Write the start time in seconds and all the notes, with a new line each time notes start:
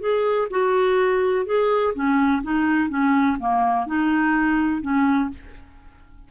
0.00 G#4
0.50 F#4
1.46 G#4
1.94 C#4
2.42 D#4
2.89 C#4
3.39 A#3
3.86 D#4
4.82 C#4